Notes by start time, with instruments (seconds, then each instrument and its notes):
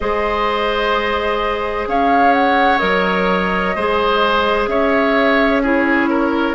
0.00 bassoon G#3, clarinet G#4, oboe C5, flute D#5
1.87 bassoon C#4, oboe C#5, flute F5
2.33 flute F#5
2.78 bassoon F#3, clarinet A#4, flute D#5
3.75 bassoon G#3, clarinet G#4, oboe C5
4.67 bassoon C#4, oboe C#5, flute E5
5.62 clarinet E4, oboe G#4, flute C#5
6.09 oboe A#4